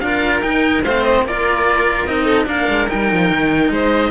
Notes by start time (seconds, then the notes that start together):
0.00 D4 F4 A#4 F5
0.41 D#4 G5
0.83 A3 C4 C5 F5
1.04 D#5
1.23 A#3 F4 A#4 D5
2.05 C4 D#4 D#5
2.25 A4
2.46 A#3 D4 A#4 F5
2.69 G#3
2.89 G3 D#4 G5
3.13 F3
3.30 D#3
3.70 G#3 C5 D#5